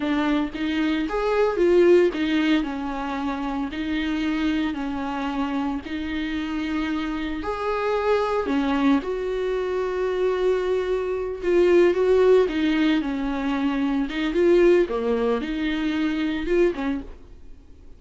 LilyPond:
\new Staff \with { instrumentName = "viola" } { \time 4/4 \tempo 4 = 113 d'4 dis'4 gis'4 f'4 | dis'4 cis'2 dis'4~ | dis'4 cis'2 dis'4~ | dis'2 gis'2 |
cis'4 fis'2.~ | fis'4. f'4 fis'4 dis'8~ | dis'8 cis'2 dis'8 f'4 | ais4 dis'2 f'8 cis'8 | }